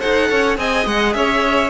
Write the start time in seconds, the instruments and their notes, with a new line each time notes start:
0.00 cello D#4, viola A4, violin C5 F#5
0.30 cello C#4, violin C#5
0.57 cello C4, viola G#4, violin D#5 G#5
0.86 cello G#3, violin F#5
1.13 cello C#4, violin C#5 E5